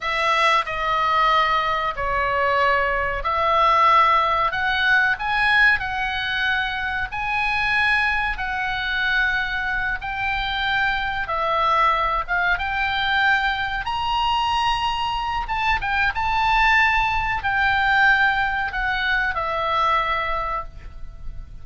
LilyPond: \new Staff \with { instrumentName = "oboe" } { \time 4/4 \tempo 4 = 93 e''4 dis''2 cis''4~ | cis''4 e''2 fis''4 | gis''4 fis''2 gis''4~ | gis''4 fis''2~ fis''8 g''8~ |
g''4. e''4. f''8 g''8~ | g''4. ais''2~ ais''8 | a''8 g''8 a''2 g''4~ | g''4 fis''4 e''2 | }